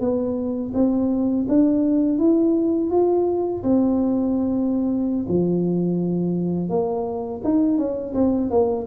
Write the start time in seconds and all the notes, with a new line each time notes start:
0.00 B3
0.74 C4
1.48 D4
2.18 E4
2.90 F4
3.63 C4
5.28 F3
6.69 A#3
7.44 D#4
7.78 C#4
8.14 C4
8.50 A#3